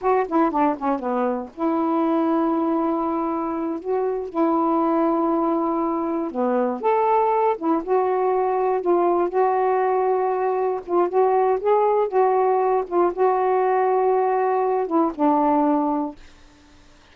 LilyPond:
\new Staff \with { instrumentName = "saxophone" } { \time 4/4 \tempo 4 = 119 fis'8 e'8 d'8 cis'8 b4 e'4~ | e'2.~ e'8 fis'8~ | fis'8 e'2.~ e'8~ | e'8 b4 a'4. e'8 fis'8~ |
fis'4. f'4 fis'4.~ | fis'4. f'8 fis'4 gis'4 | fis'4. f'8 fis'2~ | fis'4. e'8 d'2 | }